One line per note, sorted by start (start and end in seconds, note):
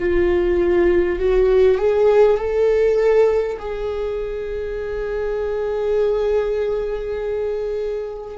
0.00 1.19 F4
1.19 1.79 F#4
1.79 2.38 G#4
2.38 3.58 A4
3.59 8.38 G#4